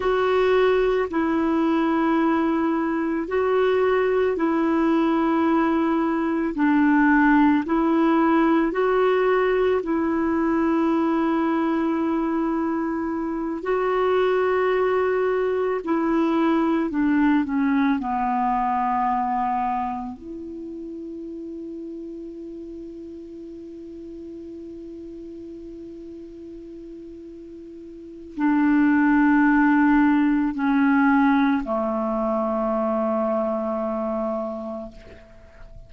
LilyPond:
\new Staff \with { instrumentName = "clarinet" } { \time 4/4 \tempo 4 = 55 fis'4 e'2 fis'4 | e'2 d'4 e'4 | fis'4 e'2.~ | e'8 fis'2 e'4 d'8 |
cis'8 b2 e'4.~ | e'1~ | e'2 d'2 | cis'4 a2. | }